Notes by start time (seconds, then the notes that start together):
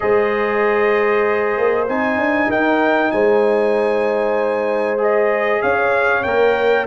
0.00 G#3 G#4 C5 D#5
1.57 A#3
1.88 C4 D#4 G#5
2.17 D4
2.48 D#4 A#4 G5
3.11 G#3 C5 G#5
4.97 G#4 D#5
5.61 C#4 C#5 F5
6.23 A#3 A#4 G5